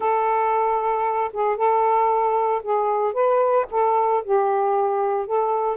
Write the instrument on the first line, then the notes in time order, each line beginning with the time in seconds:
saxophone
0.00 A4
1.33 G#4
1.56 A4
2.62 G#4
3.13 B4
3.70 A4
4.24 G4
5.26 A4